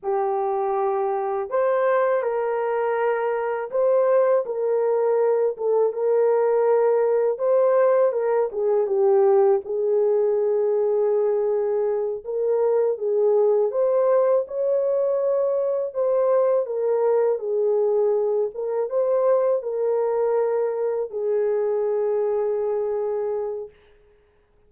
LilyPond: \new Staff \with { instrumentName = "horn" } { \time 4/4 \tempo 4 = 81 g'2 c''4 ais'4~ | ais'4 c''4 ais'4. a'8 | ais'2 c''4 ais'8 gis'8 | g'4 gis'2.~ |
gis'8 ais'4 gis'4 c''4 cis''8~ | cis''4. c''4 ais'4 gis'8~ | gis'4 ais'8 c''4 ais'4.~ | ais'8 gis'2.~ gis'8 | }